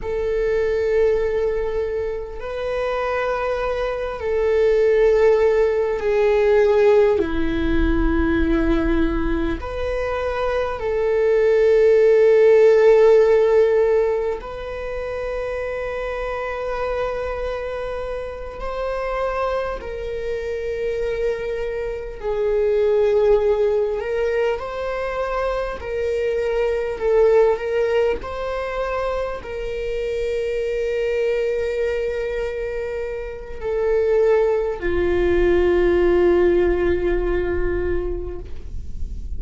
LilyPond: \new Staff \with { instrumentName = "viola" } { \time 4/4 \tempo 4 = 50 a'2 b'4. a'8~ | a'4 gis'4 e'2 | b'4 a'2. | b'2.~ b'8 c''8~ |
c''8 ais'2 gis'4. | ais'8 c''4 ais'4 a'8 ais'8 c''8~ | c''8 ais'2.~ ais'8 | a'4 f'2. | }